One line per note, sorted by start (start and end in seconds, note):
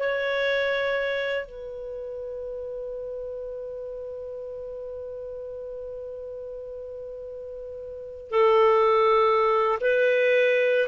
0.00 1.46 C#5
1.46 8.31 B4
8.31 9.79 A4
9.81 10.89 B4